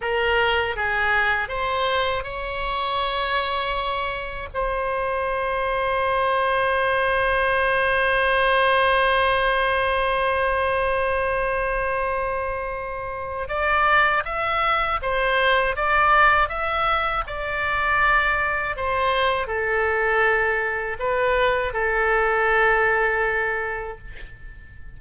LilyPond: \new Staff \with { instrumentName = "oboe" } { \time 4/4 \tempo 4 = 80 ais'4 gis'4 c''4 cis''4~ | cis''2 c''2~ | c''1~ | c''1~ |
c''2 d''4 e''4 | c''4 d''4 e''4 d''4~ | d''4 c''4 a'2 | b'4 a'2. | }